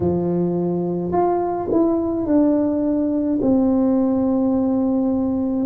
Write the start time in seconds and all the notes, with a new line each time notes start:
0.00 F3
1.12 F4
1.71 E4
2.25 D4
3.41 C4